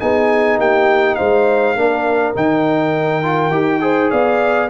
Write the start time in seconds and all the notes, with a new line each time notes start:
0.00 B3 D#4 G#4 G#5
0.58 A#3 G4 G5
1.15 G#3 C5 F5
1.75 A#3 D4 A#4
2.35 D#3 D#4 G5
3.23 F4
3.51 D#4 G4
3.81 G#4 C5
4.11 B3 D5 F5